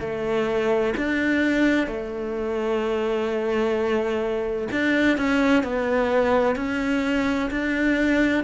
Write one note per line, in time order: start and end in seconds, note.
0.00 0.94 A3
0.97 1.87 D4
1.87 4.68 A3
4.71 5.17 D4
5.17 5.63 C#4
5.63 6.56 B3
6.56 7.50 C#4
7.50 8.44 D4